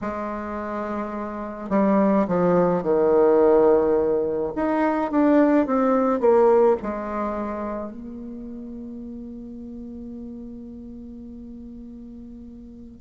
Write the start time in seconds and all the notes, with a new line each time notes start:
0.01 G#3
1.69 G3
2.27 F3
2.83 D#3
4.55 D#4
5.10 D4
5.66 C4
6.20 A#3
6.82 G#3
7.91 A#3